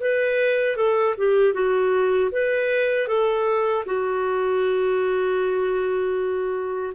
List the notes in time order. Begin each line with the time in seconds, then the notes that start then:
0.00 B4
0.76 A4
1.18 G4
1.53 F#4
2.31 B4
3.08 A4
3.86 F#4